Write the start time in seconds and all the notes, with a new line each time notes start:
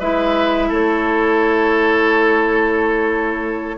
0.00 G#3 E4 B4 E5
0.69 A3 A4 C#5